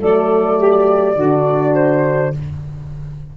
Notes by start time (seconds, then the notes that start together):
0.00 F#3 A3 A4 D5
0.58 G4
1.16 D3 D4 F#4
1.75 C5